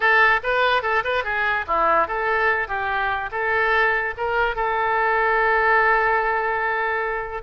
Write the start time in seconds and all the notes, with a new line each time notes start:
0.00 A4
0.43 B4
0.82 A4
1.04 B4
1.24 G#4
1.67 E4
2.07 A4
2.67 G4
3.31 A4
4.17 A#4
4.55 A4